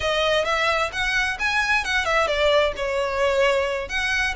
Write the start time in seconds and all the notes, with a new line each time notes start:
0.00 D#5
0.45 E5
0.92 F#5
1.39 G#5
1.84 F#5
2.05 E5
2.27 D5
2.76 C#5
3.88 F#5